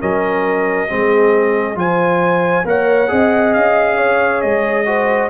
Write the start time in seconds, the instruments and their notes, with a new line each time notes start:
0.00 tuba F#3, trombone C#4, horn A#4, trumpet D#5
0.88 tuba G#3, trombone C4, horn G#4
1.75 tuba F3, trombone F4, horn C5, trumpet G#5
2.65 tuba A#3, trombone A#4, horn C#5, trumpet F#5
3.08 tuba C4, trombone G#4, horn D#5
3.54 tuba C#4, trumpet F5
3.97 horn C#5
4.42 tuba G#3, trumpet D#5
4.86 trombone F#4, horn C5